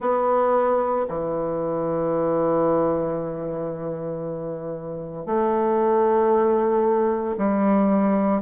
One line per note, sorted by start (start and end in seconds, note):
0.00 1.06 B3
1.08 5.25 E3
5.25 7.36 A3
7.37 8.41 G3